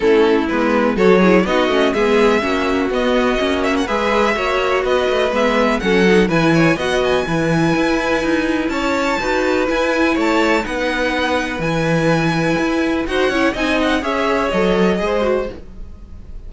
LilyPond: <<
  \new Staff \with { instrumentName = "violin" } { \time 4/4 \tempo 4 = 124 a'4 b'4 cis''4 dis''4 | e''2 dis''4. e''16 fis''16 | e''2 dis''4 e''4 | fis''4 gis''4 fis''8 gis''4.~ |
gis''2 a''2 | gis''4 a''4 fis''2 | gis''2. fis''4 | gis''8 fis''8 e''4 dis''2 | }
  \new Staff \with { instrumentName = "violin" } { \time 4/4 e'2 a'8 gis'8 fis'4 | gis'4 fis'2. | b'4 cis''4 b'2 | a'4 b'8 cis''8 dis''4 b'4~ |
b'2 cis''4 b'4~ | b'4 cis''4 b'2~ | b'2. c''8 cis''8 | dis''4 cis''2 c''4 | }
  \new Staff \with { instrumentName = "viola" } { \time 4/4 cis'4 b4 fis'8 e'8 dis'8 cis'8 | b4 cis'4 b4 cis'4 | gis'4 fis'2 b4 | cis'8 dis'8 e'4 fis'4 e'4~ |
e'2. fis'4 | e'2 dis'2 | e'2. fis'8 e'8 | dis'4 gis'4 a'4 gis'8 fis'8 | }
  \new Staff \with { instrumentName = "cello" } { \time 4/4 a4 gis4 fis4 b8 a8 | gis4 ais4 b4 ais4 | gis4 ais4 b8 a8 gis4 | fis4 e4 b4 e4 |
e'4 dis'4 cis'4 dis'4 | e'4 a4 b2 | e2 e'4 dis'8 cis'8 | c'4 cis'4 fis4 gis4 | }
>>